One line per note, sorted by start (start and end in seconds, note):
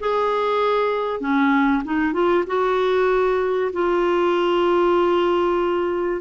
0.00 1.20 G#4
1.20 1.83 C#4
1.84 2.13 D#4
2.13 2.45 F4
2.47 3.72 F#4
3.73 6.21 F4